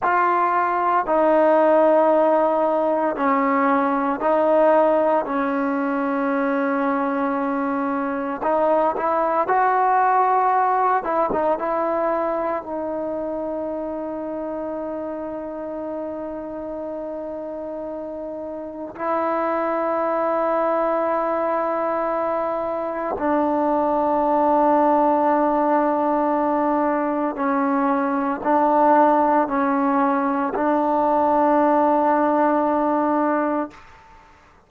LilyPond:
\new Staff \with { instrumentName = "trombone" } { \time 4/4 \tempo 4 = 57 f'4 dis'2 cis'4 | dis'4 cis'2. | dis'8 e'8 fis'4. e'16 dis'16 e'4 | dis'1~ |
dis'2 e'2~ | e'2 d'2~ | d'2 cis'4 d'4 | cis'4 d'2. | }